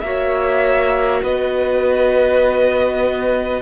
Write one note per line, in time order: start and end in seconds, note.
0.00 1.22 A#3
0.00 3.61 F#4
0.00 1.23 C#5
0.00 1.20 E5
1.23 3.61 B3
1.23 3.61 B4
1.23 3.61 D#5